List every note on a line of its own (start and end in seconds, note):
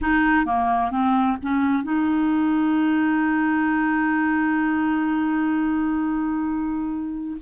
0.01 0.45 D#4
0.45 0.91 A#3
0.91 1.37 C4
1.42 1.83 C#4
1.83 7.37 D#4